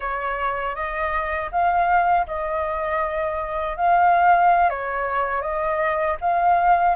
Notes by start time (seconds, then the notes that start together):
0.00 C#5
0.75 D#5
1.51 F5
2.26 D#5
3.77 F5
4.69 C#5
5.41 D#5
6.20 F5